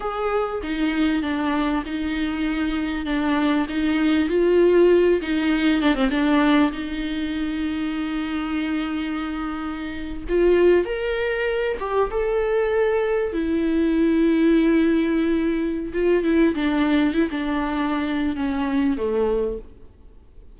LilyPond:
\new Staff \with { instrumentName = "viola" } { \time 4/4 \tempo 4 = 98 gis'4 dis'4 d'4 dis'4~ | dis'4 d'4 dis'4 f'4~ | f'8 dis'4 d'16 c'16 d'4 dis'4~ | dis'1~ |
dis'8. f'4 ais'4. g'8 a'16~ | a'4.~ a'16 e'2~ e'16~ | e'2 f'8 e'8 d'4 | e'16 d'4.~ d'16 cis'4 a4 | }